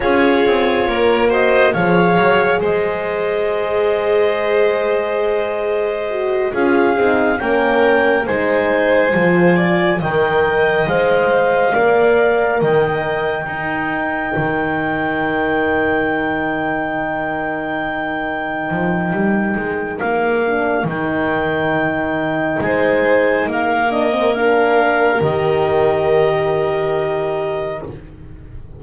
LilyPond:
<<
  \new Staff \with { instrumentName = "clarinet" } { \time 4/4 \tempo 4 = 69 cis''4. dis''8 f''4 dis''4~ | dis''2.~ dis''8 f''8~ | f''8 g''4 gis''2 g''8~ | g''8 f''2 g''4.~ |
g''1~ | g''2. f''4 | g''2 gis''4 f''8 dis''8 | f''4 dis''2. | }
  \new Staff \with { instrumentName = "violin" } { \time 4/4 gis'4 ais'8 c''8 cis''4 c''4~ | c''2.~ c''8 gis'8~ | gis'8 ais'4 c''4. d''8 dis''8~ | dis''4. d''4 dis''4 ais'8~ |
ais'1~ | ais'1~ | ais'2 c''4 ais'4~ | ais'1 | }
  \new Staff \with { instrumentName = "horn" } { \time 4/4 f'4. fis'8 gis'2~ | gis'2. fis'8 f'8 | dis'8 cis'4 dis'4 f'4 ais'8~ | ais'8 c''4 ais'2 dis'8~ |
dis'1~ | dis'2.~ dis'8 d'8 | dis'2.~ dis'8 d'16 c'16 | d'4 g'2. | }
  \new Staff \with { instrumentName = "double bass" } { \time 4/4 cis'8 c'8 ais4 f8 fis8 gis4~ | gis2.~ gis8 cis'8 | c'8 ais4 gis4 f4 dis8~ | dis8 gis4 ais4 dis4 dis'8~ |
dis'8 dis2.~ dis8~ | dis4. f8 g8 gis8 ais4 | dis2 gis4 ais4~ | ais4 dis2. | }
>>